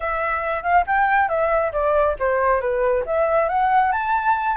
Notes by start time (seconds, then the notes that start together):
0.00 E5
0.62 F5
0.86 G5
1.28 E5
1.72 D5
2.19 C5
2.60 B4
3.06 E5
3.48 F#5
3.92 A5